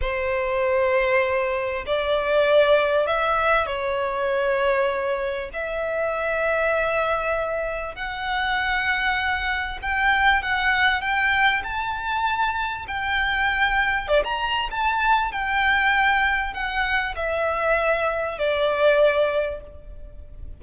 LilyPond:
\new Staff \with { instrumentName = "violin" } { \time 4/4 \tempo 4 = 98 c''2. d''4~ | d''4 e''4 cis''2~ | cis''4 e''2.~ | e''4 fis''2. |
g''4 fis''4 g''4 a''4~ | a''4 g''2 d''16 ais''8. | a''4 g''2 fis''4 | e''2 d''2 | }